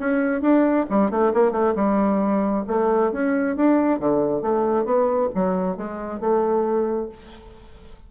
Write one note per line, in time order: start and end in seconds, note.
0.00 0.42 C#4
0.42 0.86 D4
0.90 1.11 G3
1.11 1.33 A3
1.34 1.52 A#3
1.52 1.74 A3
1.76 2.65 G3
2.68 3.13 A3
3.13 3.57 C#4
3.57 4.00 D4
4.00 4.42 D3
4.42 4.86 A3
4.86 5.30 B3
5.35 5.77 F#3
5.77 6.21 G#3
6.21 7.09 A3